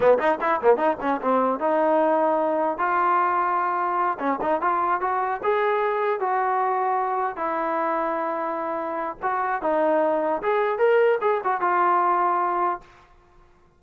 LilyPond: \new Staff \with { instrumentName = "trombone" } { \time 4/4 \tempo 4 = 150 b8 dis'8 e'8 ais8 dis'8 cis'8 c'4 | dis'2. f'4~ | f'2~ f'8 cis'8 dis'8 f'8~ | f'8 fis'4 gis'2 fis'8~ |
fis'2~ fis'8 e'4.~ | e'2. fis'4 | dis'2 gis'4 ais'4 | gis'8 fis'8 f'2. | }